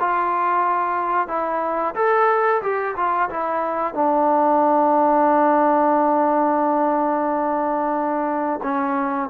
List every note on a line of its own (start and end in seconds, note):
0.00 1.28 F4
1.28 1.95 E4
1.95 2.62 A4
2.62 2.96 G4
2.96 3.30 F4
3.30 3.95 E4
3.95 8.61 D4
8.63 9.30 C#4